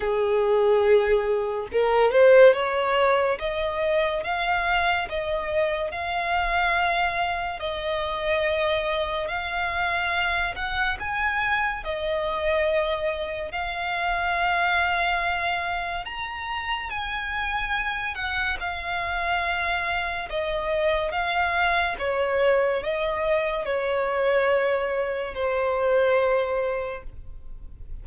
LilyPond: \new Staff \with { instrumentName = "violin" } { \time 4/4 \tempo 4 = 71 gis'2 ais'8 c''8 cis''4 | dis''4 f''4 dis''4 f''4~ | f''4 dis''2 f''4~ | f''8 fis''8 gis''4 dis''2 |
f''2. ais''4 | gis''4. fis''8 f''2 | dis''4 f''4 cis''4 dis''4 | cis''2 c''2 | }